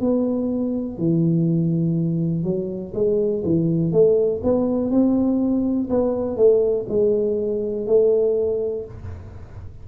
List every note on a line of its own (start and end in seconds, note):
0.00 0.97 B3
0.97 2.44 E3
2.44 2.93 F#3
2.94 3.43 G#3
3.44 3.92 E3
3.92 4.41 A3
4.43 4.90 B3
4.90 5.89 C4
5.90 6.37 B3
6.37 6.86 A3
6.88 7.86 G#3
7.86 8.85 A3